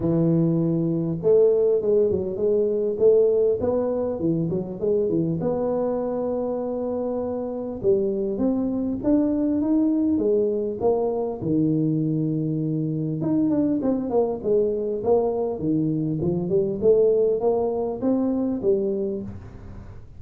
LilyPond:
\new Staff \with { instrumentName = "tuba" } { \time 4/4 \tempo 4 = 100 e2 a4 gis8 fis8 | gis4 a4 b4 e8 fis8 | gis8 e8 b2.~ | b4 g4 c'4 d'4 |
dis'4 gis4 ais4 dis4~ | dis2 dis'8 d'8 c'8 ais8 | gis4 ais4 dis4 f8 g8 | a4 ais4 c'4 g4 | }